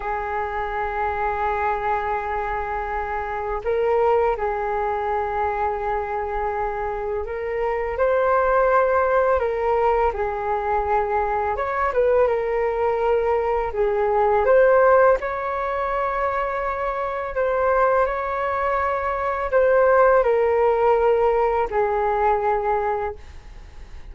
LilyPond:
\new Staff \with { instrumentName = "flute" } { \time 4/4 \tempo 4 = 83 gis'1~ | gis'4 ais'4 gis'2~ | gis'2 ais'4 c''4~ | c''4 ais'4 gis'2 |
cis''8 b'8 ais'2 gis'4 | c''4 cis''2. | c''4 cis''2 c''4 | ais'2 gis'2 | }